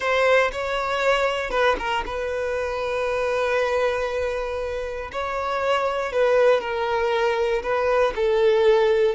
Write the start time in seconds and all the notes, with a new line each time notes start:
0.00 C5
0.52 C#5
1.50 B4
1.78 A#4
2.06 B4
5.12 C#5
6.12 B4
6.60 A#4
7.62 B4
8.15 A4